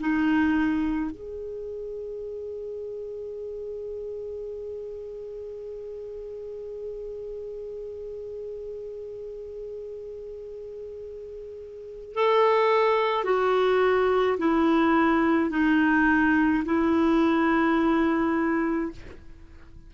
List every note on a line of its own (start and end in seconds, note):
0.00 1.11 D#4
1.11 12.14 G#4
12.14 13.25 A4
13.25 14.38 F#4
14.38 15.50 E4
15.50 16.64 D#4
16.65 18.92 E4